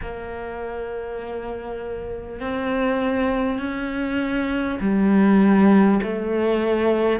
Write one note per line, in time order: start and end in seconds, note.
0.01 2.40 A#3
2.40 3.58 C4
3.58 4.78 C#4
4.80 6.00 G3
6.03 7.19 A3